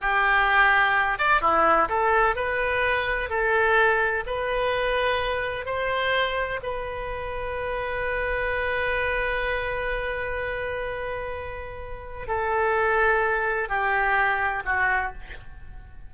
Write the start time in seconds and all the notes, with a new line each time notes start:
0.01 G4
1.18 D5
1.41 E4
1.89 A4
2.35 B4
3.29 A4
4.26 B4
5.65 C5
6.62 B4
12.27 A4
13.68 G4
14.65 F#4